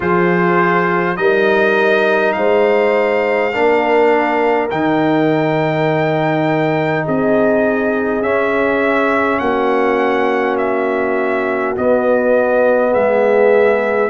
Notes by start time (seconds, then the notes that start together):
0.00 F3 F4 G#4 C5
1.16 G3 D#4 A#4 D#5
2.32 G#3 C5 F5
3.51 A#3 D4 A#4
4.70 D#3 D#4 G5
7.05 C4 G#4 D#5
8.21 C#4 E5
9.39 A#3 F#4 F#5
10.57 E5
11.76 B3 D#5
12.91 G#3 G#4 E5